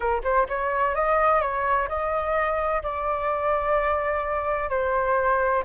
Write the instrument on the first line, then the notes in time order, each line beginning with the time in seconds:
flute
0.00 A#4
0.23 C5
0.48 C#5
0.94 D#5
1.41 C#5
1.88 D#5
2.82 D5
4.69 C5